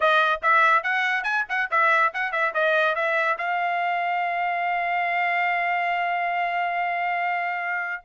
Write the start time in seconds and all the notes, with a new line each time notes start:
0.00 D#5
0.42 E5
0.83 F#5
1.23 G#5
1.48 F#5
1.71 E5
2.13 F#5
2.32 E5
2.54 D#5
2.95 E5
3.37 F5